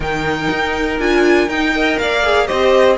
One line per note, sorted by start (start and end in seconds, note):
0.00 0.48 D#3
0.00 0.97 D#4
0.00 1.73 A#4
0.00 1.00 G5
0.50 0.99 D#4
0.99 1.47 D4
0.99 1.49 F4
0.99 1.49 G#5
1.47 1.97 D#4
1.47 1.75 D#4
1.47 1.98 G5
1.74 2.23 A#4
1.74 1.99 D#5
1.98 2.49 A#3
1.98 2.47 D5
1.98 2.46 F5
2.23 2.47 G#4
2.46 2.98 C4
2.46 2.96 G4
2.46 2.96 C5
2.46 2.96 D#5